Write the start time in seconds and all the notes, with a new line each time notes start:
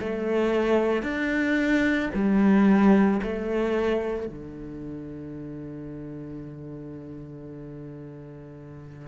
0.00 A3
1.03 D4
2.14 G3
3.23 A3
4.27 D3